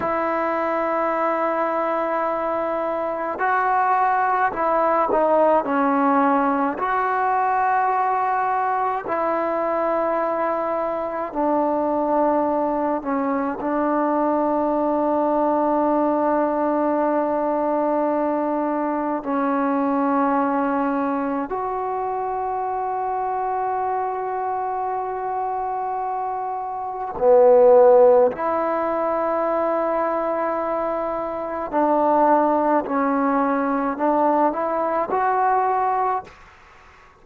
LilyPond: \new Staff \with { instrumentName = "trombone" } { \time 4/4 \tempo 4 = 53 e'2. fis'4 | e'8 dis'8 cis'4 fis'2 | e'2 d'4. cis'8 | d'1~ |
d'4 cis'2 fis'4~ | fis'1 | b4 e'2. | d'4 cis'4 d'8 e'8 fis'4 | }